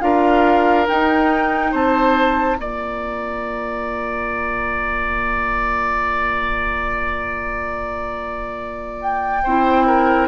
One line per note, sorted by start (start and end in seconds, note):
0.00 0.87 D4
0.00 0.86 F4
0.00 1.71 A#4
0.00 0.86 F5
0.86 2.56 D#4
0.86 1.73 D#4
0.86 1.74 G5
1.71 2.58 C4
1.71 2.57 C5
1.71 2.57 A5
2.56 9.44 A#3
2.56 9.42 F4
2.56 9.43 D5
2.56 9.00 A#5
9.01 10.28 G5
9.43 10.28 C4
9.43 10.28 E4
9.43 9.86 C5
9.86 10.28 A#4